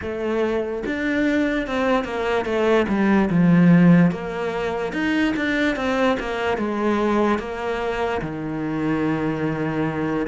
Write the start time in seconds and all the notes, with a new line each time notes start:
0.01 A3
0.86 D4
1.67 C4
2.04 A#3
2.45 A3
2.88 G3
3.30 F3
4.11 A#3
4.92 D#4
5.36 D4
5.75 C4
6.19 A#3
6.58 G#3
7.39 A#3
8.21 D#3